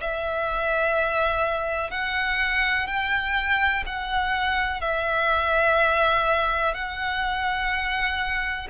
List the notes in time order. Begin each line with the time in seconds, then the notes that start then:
0.00 E5
1.90 F#5
2.87 G5
3.86 F#5
4.81 E5
6.74 F#5